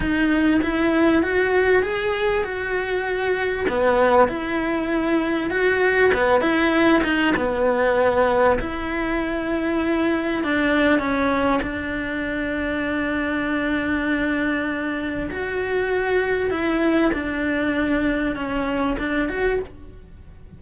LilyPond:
\new Staff \with { instrumentName = "cello" } { \time 4/4 \tempo 4 = 98 dis'4 e'4 fis'4 gis'4 | fis'2 b4 e'4~ | e'4 fis'4 b8 e'4 dis'8 | b2 e'2~ |
e'4 d'4 cis'4 d'4~ | d'1~ | d'4 fis'2 e'4 | d'2 cis'4 d'8 fis'8 | }